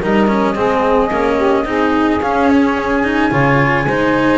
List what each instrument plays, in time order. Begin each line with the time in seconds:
0.00 double bass G3, cello D#4, saxophone A#4, flute D#5
0.28 cello C#4
0.54 double bass G#3, cello C4, saxophone G#4
1.10 double bass A#3, cello C#4
1.36 saxophone G4
1.65 double bass C4, cello D#4, saxophone G#4
2.20 double bass C#4, cello C#4, flute F5
2.50 flute C#5
2.77 flute G#5
3.04 cello D#4
3.31 double bass C#3, cello F4, saxophone C#5
3.86 double bass G#3, cello D#4, saxophone C5